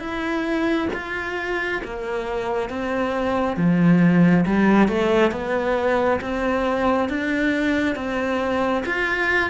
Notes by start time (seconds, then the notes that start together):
0.00 E4
0.93 F4
1.84 A#3
2.70 C4
3.57 F3
4.46 G3
4.89 A3
5.32 B3
6.21 C4
7.09 D4
7.96 C4
8.86 F4